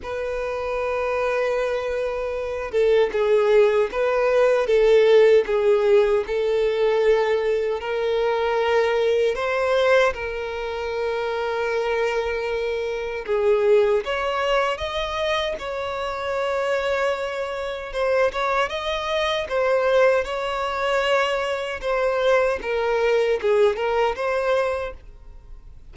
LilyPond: \new Staff \with { instrumentName = "violin" } { \time 4/4 \tempo 4 = 77 b'2.~ b'8 a'8 | gis'4 b'4 a'4 gis'4 | a'2 ais'2 | c''4 ais'2.~ |
ais'4 gis'4 cis''4 dis''4 | cis''2. c''8 cis''8 | dis''4 c''4 cis''2 | c''4 ais'4 gis'8 ais'8 c''4 | }